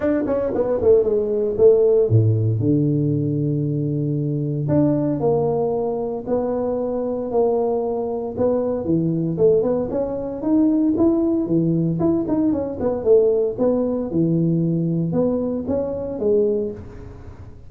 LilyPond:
\new Staff \with { instrumentName = "tuba" } { \time 4/4 \tempo 4 = 115 d'8 cis'8 b8 a8 gis4 a4 | a,4 d2.~ | d4 d'4 ais2 | b2 ais2 |
b4 e4 a8 b8 cis'4 | dis'4 e'4 e4 e'8 dis'8 | cis'8 b8 a4 b4 e4~ | e4 b4 cis'4 gis4 | }